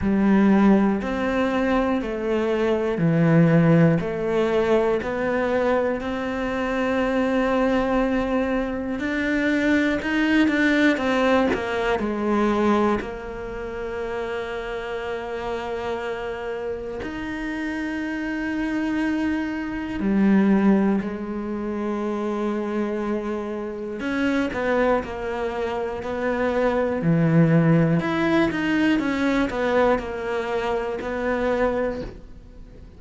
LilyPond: \new Staff \with { instrumentName = "cello" } { \time 4/4 \tempo 4 = 60 g4 c'4 a4 e4 | a4 b4 c'2~ | c'4 d'4 dis'8 d'8 c'8 ais8 | gis4 ais2.~ |
ais4 dis'2. | g4 gis2. | cis'8 b8 ais4 b4 e4 | e'8 dis'8 cis'8 b8 ais4 b4 | }